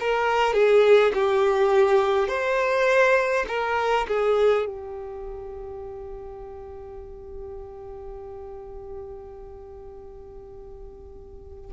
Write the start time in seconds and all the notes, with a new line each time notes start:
0.00 A#4
0.53 G#4
1.14 G4
2.28 C5
3.48 A#4
4.07 G#4
4.66 G4